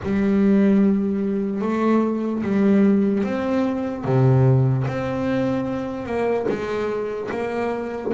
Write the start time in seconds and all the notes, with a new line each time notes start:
0.03 G3
1.61 A3
2.43 G3
3.23 C4
4.04 C3
4.87 C4
6.06 A#3
6.49 G#3
7.31 A#3